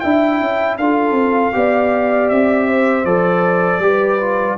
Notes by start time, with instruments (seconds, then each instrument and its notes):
0.00 tuba D4, trombone E4, horn E5, trumpet G5
0.41 tuba C#4
0.78 tuba D4, trombone F4, horn A4, trumpet F5
1.12 tuba C4
1.53 tuba B3, trombone G4, horn D5
2.29 tuba C4, trumpet E5
2.68 horn C5
3.05 tuba F3, trombone A4, trumpet D5
3.79 tuba G3, trombone G4, horn B4
4.21 trombone F4